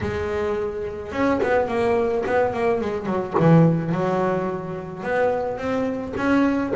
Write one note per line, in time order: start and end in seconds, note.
0.01 1.12 G#3
1.12 1.40 C#4
1.42 1.68 B3
1.68 2.24 A#3
2.26 2.53 B3
2.53 2.80 A#3
2.80 3.06 G#3
3.06 3.34 F#3
3.39 3.92 E3
3.92 5.03 F#3
5.03 5.57 B3
5.57 6.13 C4
6.17 6.73 C#4